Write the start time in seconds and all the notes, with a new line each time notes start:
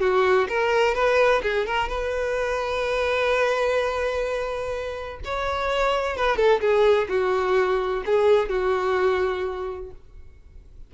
0.00 F#4
0.48 A#4
0.94 B4
1.42 G#4
1.66 A#4
1.88 B4
5.24 C#5
6.16 B4
6.36 A4
6.60 G#4
7.08 F#4
8.05 G#4
8.48 F#4